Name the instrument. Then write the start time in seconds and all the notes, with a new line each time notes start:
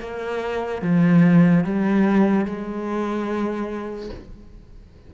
cello
0.00 A#3
0.82 F3
1.64 G3
2.45 G#3